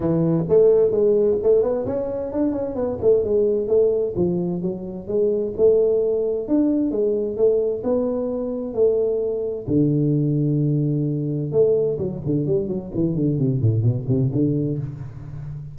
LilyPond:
\new Staff \with { instrumentName = "tuba" } { \time 4/4 \tempo 4 = 130 e4 a4 gis4 a8 b8 | cis'4 d'8 cis'8 b8 a8 gis4 | a4 f4 fis4 gis4 | a2 d'4 gis4 |
a4 b2 a4~ | a4 d2.~ | d4 a4 fis8 d8 g8 fis8 | e8 d8 c8 a,8 b,8 c8 d4 | }